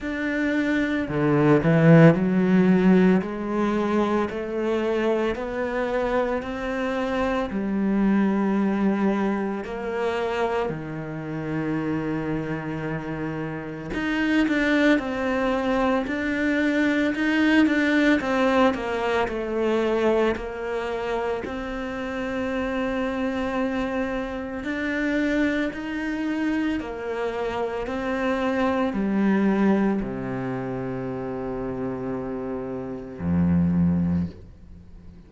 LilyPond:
\new Staff \with { instrumentName = "cello" } { \time 4/4 \tempo 4 = 56 d'4 d8 e8 fis4 gis4 | a4 b4 c'4 g4~ | g4 ais4 dis2~ | dis4 dis'8 d'8 c'4 d'4 |
dis'8 d'8 c'8 ais8 a4 ais4 | c'2. d'4 | dis'4 ais4 c'4 g4 | c2. f,4 | }